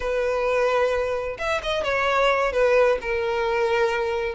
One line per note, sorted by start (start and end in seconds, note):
0.00 1.37 B4
1.38 1.61 E5
1.63 1.83 D#5
1.83 2.52 C#5
2.52 2.98 B4
3.01 4.35 A#4